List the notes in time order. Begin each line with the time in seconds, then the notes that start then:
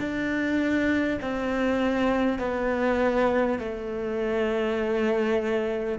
0.00 D4
1.22 C4
2.39 B3
3.59 A3